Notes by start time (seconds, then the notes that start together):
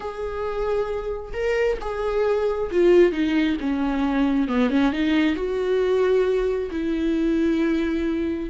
0.00 G#4
1.33 A#4
1.81 G#4
2.71 F4
3.11 D#4
3.60 C#4
4.48 B3
4.70 C#4
4.92 D#4
5.35 F#4
6.70 E4